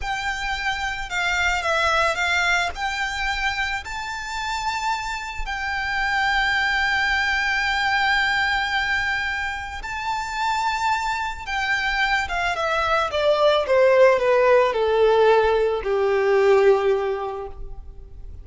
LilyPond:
\new Staff \with { instrumentName = "violin" } { \time 4/4 \tempo 4 = 110 g''2 f''4 e''4 | f''4 g''2 a''4~ | a''2 g''2~ | g''1~ |
g''2 a''2~ | a''4 g''4. f''8 e''4 | d''4 c''4 b'4 a'4~ | a'4 g'2. | }